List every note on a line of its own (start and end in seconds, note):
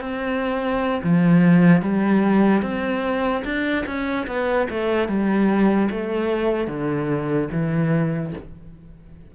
0.00 1.01 C4
1.03 1.82 F3
1.82 2.62 G3
2.62 3.43 C4
3.44 3.85 D4
3.86 4.26 C#4
4.27 4.67 B3
4.70 5.08 A3
5.08 5.89 G3
5.90 6.67 A3
6.67 7.49 D3
7.51 8.33 E3